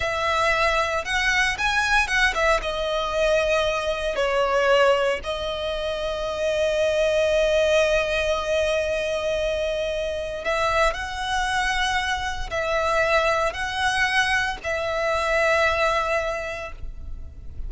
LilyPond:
\new Staff \with { instrumentName = "violin" } { \time 4/4 \tempo 4 = 115 e''2 fis''4 gis''4 | fis''8 e''8 dis''2. | cis''2 dis''2~ | dis''1~ |
dis''1 | e''4 fis''2. | e''2 fis''2 | e''1 | }